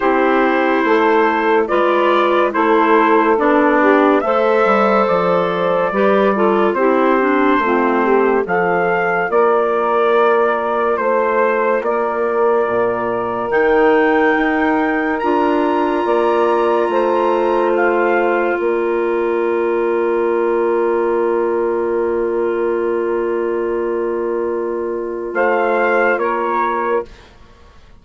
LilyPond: <<
  \new Staff \with { instrumentName = "trumpet" } { \time 4/4 \tempo 4 = 71 c''2 d''4 c''4 | d''4 e''4 d''2 | c''2 f''4 d''4~ | d''4 c''4 d''2 |
g''2 ais''2~ | ais''4 f''4 d''2~ | d''1~ | d''2 f''4 cis''4 | }
  \new Staff \with { instrumentName = "saxophone" } { \time 4/4 g'4 a'4 b'4 a'4~ | a'8 g'8 c''2 b'8 a'8 | g'4 f'8 g'8 a'4 ais'4~ | ais'4 c''4 ais'2~ |
ais'2. d''4 | c''2 ais'2~ | ais'1~ | ais'2 c''4 ais'4 | }
  \new Staff \with { instrumentName = "clarinet" } { \time 4/4 e'2 f'4 e'4 | d'4 a'2 g'8 f'8 | e'8 d'8 c'4 f'2~ | f'1 |
dis'2 f'2~ | f'1~ | f'1~ | f'1 | }
  \new Staff \with { instrumentName = "bassoon" } { \time 4/4 c'4 a4 gis4 a4 | b4 a8 g8 f4 g4 | c'4 a4 f4 ais4~ | ais4 a4 ais4 ais,4 |
dis4 dis'4 d'4 ais4 | a2 ais2~ | ais1~ | ais2 a4 ais4 | }
>>